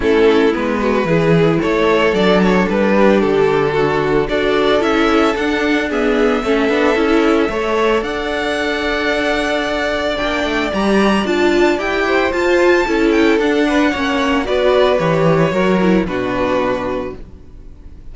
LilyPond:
<<
  \new Staff \with { instrumentName = "violin" } { \time 4/4 \tempo 4 = 112 a'4 b'2 cis''4 | d''8 cis''8 b'4 a'2 | d''4 e''4 fis''4 e''4~ | e''2. fis''4~ |
fis''2. g''4 | ais''4 a''4 g''4 a''4~ | a''8 g''8 fis''2 d''4 | cis''2 b'2 | }
  \new Staff \with { instrumentName = "violin" } { \time 4/4 e'4. fis'8 gis'4 a'4~ | a'4. g'4. fis'4 | a'2. gis'4 | a'2 cis''4 d''4~ |
d''1~ | d''2~ d''8 c''4. | a'4. b'8 cis''4 b'4~ | b'4 ais'4 fis'2 | }
  \new Staff \with { instrumentName = "viola" } { \time 4/4 cis'4 b4 e'2 | d'1 | fis'4 e'4 d'4 b4 | cis'8 d'8 e'4 a'2~ |
a'2. d'4 | g'4 f'4 g'4 f'4 | e'4 d'4 cis'4 fis'4 | g'4 fis'8 e'8 d'2 | }
  \new Staff \with { instrumentName = "cello" } { \time 4/4 a4 gis4 e4 a4 | fis4 g4 d2 | d'4 cis'4 d'2 | a8 b8 cis'4 a4 d'4~ |
d'2. ais8 a8 | g4 d'4 e'4 f'4 | cis'4 d'4 ais4 b4 | e4 fis4 b,2 | }
>>